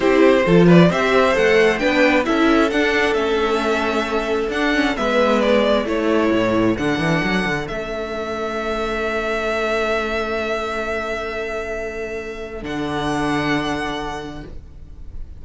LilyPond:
<<
  \new Staff \with { instrumentName = "violin" } { \time 4/4 \tempo 4 = 133 c''4. d''8 e''4 fis''4 | g''4 e''4 fis''4 e''4~ | e''2 fis''4 e''4 | d''4 cis''2 fis''4~ |
fis''4 e''2.~ | e''1~ | e''1 | fis''1 | }
  \new Staff \with { instrumentName = "violin" } { \time 4/4 g'4 a'8 b'8 c''2 | b'4 a'2.~ | a'2. b'4~ | b'4 a'2.~ |
a'1~ | a'1~ | a'1~ | a'1 | }
  \new Staff \with { instrumentName = "viola" } { \time 4/4 e'4 f'4 g'4 a'4 | d'4 e'4 d'4 cis'4~ | cis'2 d'8 cis'8 b4~ | b4 e'2 d'4~ |
d'4 cis'2.~ | cis'1~ | cis'1 | d'1 | }
  \new Staff \with { instrumentName = "cello" } { \time 4/4 c'4 f4 c'4 a4 | b4 cis'4 d'4 a4~ | a2 d'4 gis4~ | gis4 a4 a,4 d8 e8 |
fis8 d8 a2.~ | a1~ | a1 | d1 | }
>>